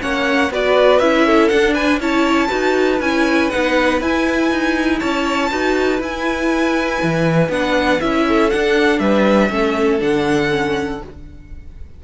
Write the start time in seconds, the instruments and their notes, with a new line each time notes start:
0.00 cello A#3, viola C#4, violin C#5 F#5
0.50 cello B3, viola F#4, violin B4 D5
0.99 cello C#4, viola E4, violin E5
1.26 violin A4
1.48 viola D4, cello D4, violin F#5
1.74 violin B4 G#5
2.00 cello C#4, viola E4, violin C#5 A5
2.47 cello D#4, viola F#4, violin B4
3.00 cello C#4, viola E4, violin G#5
3.50 cello B3, viola D#4, violin F#5
4.01 cello E4, viola E4, violin G#5
4.51 cello D#4
5.00 cello C#4, violin C#5 A5
5.51 cello D#4, viola F#4, violin B4
5.98 viola E4, cello E4, violin G#5
7.02 cello E3
7.49 cello B3, viola D4, violin F#5
8.00 cello C#4, viola E4, violin E5
8.28 violin A4
8.50 viola D4, cello D4, violin F#5
8.99 cello G3, violin B4 E5
9.50 cello A3, viola C#4, violin A4
9.99 cello D3, viola D4, violin F#5
10.49 viola C#4